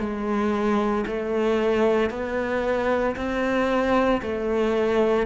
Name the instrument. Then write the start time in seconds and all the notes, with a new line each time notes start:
cello
0.00 G#3
1.07 A3
2.11 B3
3.16 C4
4.22 A3